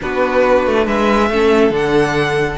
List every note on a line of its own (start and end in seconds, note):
0.01 0.66 B3
0.01 1.30 D4
0.01 0.86 F#4
0.01 0.87 B4
0.66 0.86 A3
0.86 1.29 G#3
0.86 1.29 B4
0.86 1.73 E5
1.29 1.70 A3
1.29 1.71 C#4
1.29 2.57 A4
1.70 2.56 D3
1.70 2.57 D4
1.70 2.57 F#5